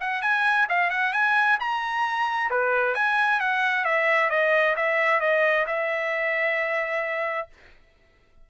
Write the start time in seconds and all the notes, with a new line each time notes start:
0.00 F#5
0.22 G#5
0.69 F5
0.90 F#5
1.13 G#5
1.60 A#5
2.50 B4
2.95 G#5
3.40 F#5
3.85 E5
4.30 D#5
4.76 E5
5.20 D#5
5.66 E5